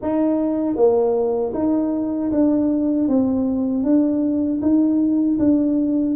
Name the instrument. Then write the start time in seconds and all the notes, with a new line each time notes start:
tuba
0.02 D#4
0.76 A#3
1.54 D#4
2.31 D4
3.08 C4
3.83 D4
4.61 D#4
5.38 D4